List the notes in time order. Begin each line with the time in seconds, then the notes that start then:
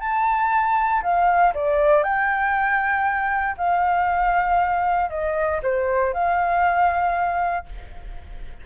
0.00 A5
1.02 F5
1.54 D5
2.03 G5
3.57 F5
5.09 D#5
5.62 C5
6.13 F5